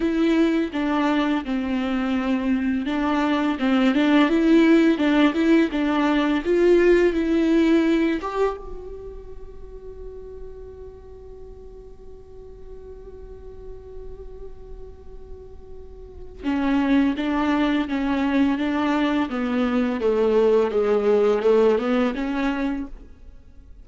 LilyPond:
\new Staff \with { instrumentName = "viola" } { \time 4/4 \tempo 4 = 84 e'4 d'4 c'2 | d'4 c'8 d'8 e'4 d'8 e'8 | d'4 f'4 e'4. g'8 | fis'1~ |
fis'1~ | fis'2. cis'4 | d'4 cis'4 d'4 b4 | a4 gis4 a8 b8 cis'4 | }